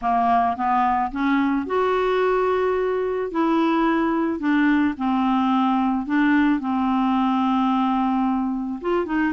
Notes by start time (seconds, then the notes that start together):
0.01 A#3
0.56 B3
1.11 C#4
1.66 F#4
3.31 E4
4.39 D4
4.97 C4
6.06 D4
6.60 C4
8.81 F4
9.06 D#4